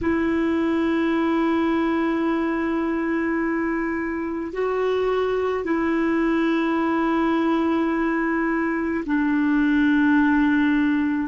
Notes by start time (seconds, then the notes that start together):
0.01 E4
4.52 F#4
5.64 E4
9.06 D4